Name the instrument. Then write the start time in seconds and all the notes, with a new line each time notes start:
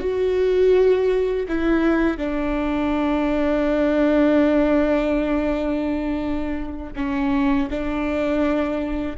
viola
0.00 F#4
1.48 E4
2.17 D4
6.96 C#4
7.70 D4